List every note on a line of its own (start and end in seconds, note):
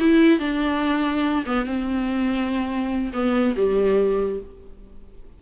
0.00 0.40 E4
0.40 1.45 D4
1.46 1.66 B3
1.66 3.12 C4
3.14 3.55 B3
3.57 4.41 G3